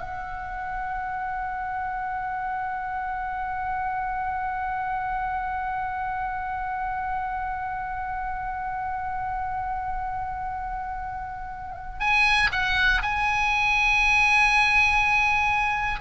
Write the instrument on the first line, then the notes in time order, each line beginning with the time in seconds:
oboe
0.00 F#5
12.00 G#5
12.52 F#5
13.02 G#5